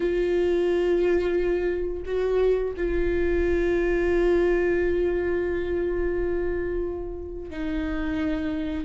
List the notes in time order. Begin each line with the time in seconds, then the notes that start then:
0.00 F4
2.05 F#4
2.76 F4
7.50 D#4